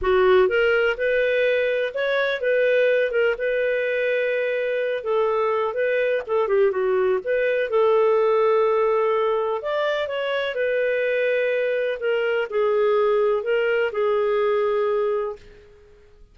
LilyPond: \new Staff \with { instrumentName = "clarinet" } { \time 4/4 \tempo 4 = 125 fis'4 ais'4 b'2 | cis''4 b'4. ais'8 b'4~ | b'2~ b'8 a'4. | b'4 a'8 g'8 fis'4 b'4 |
a'1 | d''4 cis''4 b'2~ | b'4 ais'4 gis'2 | ais'4 gis'2. | }